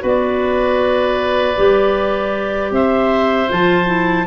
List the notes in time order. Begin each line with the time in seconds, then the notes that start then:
0.00 B3 F#4 B4
0.07 D5
1.56 G3 G4
2.71 C4 C5 E5
3.48 F3 F4 A5
3.86 E4